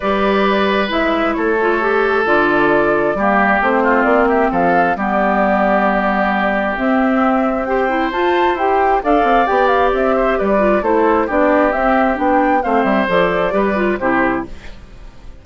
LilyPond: <<
  \new Staff \with { instrumentName = "flute" } { \time 4/4 \tempo 4 = 133 d''2 e''4 cis''4~ | cis''4 d''2. | c''4 d''8 e''8 f''4 d''4~ | d''2. e''4~ |
e''4 g''4 a''4 g''4 | f''4 g''8 f''8 e''4 d''4 | c''4 d''4 e''4 g''4 | f''8 e''8 d''2 c''4 | }
  \new Staff \with { instrumentName = "oboe" } { \time 4/4 b'2. a'4~ | a'2. g'4~ | g'8 f'4 g'8 a'4 g'4~ | g'1~ |
g'4 c''2. | d''2~ d''8 c''8 b'4 | a'4 g'2. | c''2 b'4 g'4 | }
  \new Staff \with { instrumentName = "clarinet" } { \time 4/4 g'2 e'4. f'8 | g'4 f'2 ais4 | c'2. b4~ | b2. c'4~ |
c'4 g'8 e'8 f'4 g'4 | a'4 g'2~ g'8 f'8 | e'4 d'4 c'4 d'4 | c'4 a'4 g'8 f'8 e'4 | }
  \new Staff \with { instrumentName = "bassoon" } { \time 4/4 g2 gis4 a4~ | a4 d2 g4 | a4 ais4 f4 g4~ | g2. c'4~ |
c'2 f'4 e'4 | d'8 c'8 b4 c'4 g4 | a4 b4 c'4 b4 | a8 g8 f4 g4 c4 | }
>>